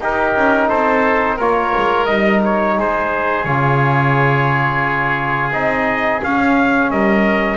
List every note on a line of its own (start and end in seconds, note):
0.00 0.35 D#4
0.00 1.39 D#4
0.00 0.68 G4
0.00 0.69 A#4
0.35 0.70 C#4
0.68 1.39 C4
0.68 1.36 A4
0.68 1.38 C5
1.36 1.74 A#3
1.36 2.08 F4
1.36 2.74 A#4
1.36 2.05 C#5
1.76 2.10 G#3
2.05 2.77 G3
2.05 3.46 D#4
2.05 2.40 D#5
2.45 2.79 C#5
2.77 3.45 G#3
2.77 6.92 G#4
2.77 3.45 C5
3.45 5.52 C#3
3.45 5.53 F4
3.45 5.51 C#5
5.52 6.21 C4
5.52 6.22 D#4
5.52 6.22 D#5
6.23 6.90 C#4
6.23 7.57 C#4
6.23 6.91 F5
6.90 7.57 G3
6.90 7.57 A#4
6.90 7.57 D#5